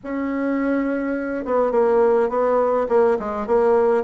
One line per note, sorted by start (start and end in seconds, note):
0.03 1.45 C#4
1.45 1.71 B3
1.71 2.29 A#3
2.29 2.86 B3
2.88 3.17 A#3
3.19 3.46 G#3
3.46 4.03 A#3